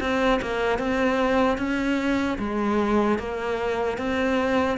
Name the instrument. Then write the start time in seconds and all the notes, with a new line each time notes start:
cello
0.00 C4
0.41 A#3
0.78 C4
1.57 C#4
2.39 G#3
3.18 A#3
3.98 C4